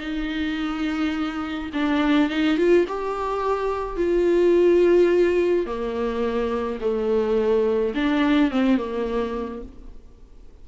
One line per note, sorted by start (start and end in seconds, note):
0.00 1.70 D#4
1.73 2.30 D4
2.30 2.57 D#4
2.57 2.85 F4
2.88 3.96 G4
3.96 5.66 F4
5.66 6.79 A#3
6.81 7.94 A3
7.94 8.51 D4
8.51 8.77 C4
8.77 9.62 A#3